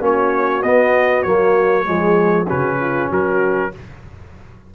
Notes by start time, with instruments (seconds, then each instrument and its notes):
0.00 tuba A#3, trombone C#4, horn F#4, trumpet C#5
0.62 tuba B3, trombone B3, trumpet D#5
1.22 tuba F#3, trombone A#3, trumpet C#5
1.84 tuba F3, trombone G#3, horn G#4
2.45 tuba C#3, trombone C#4, horn F#4, trumpet B4
2.80 horn F4
3.09 tuba F#3, horn F#4, trumpet A#4